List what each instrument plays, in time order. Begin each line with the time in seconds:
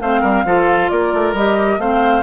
0.00 bassoon A3, clarinet C4, oboe C5, flute F5
0.20 bassoon G3, oboe A#4
0.44 bassoon F3, clarinet F4, oboe A4
0.89 bassoon A#3, oboe A#4, flute D5
1.13 bassoon A3
1.33 bassoon G3, clarinet G4, flute D#5
1.78 bassoon A3, clarinet C4, oboe C5, flute F5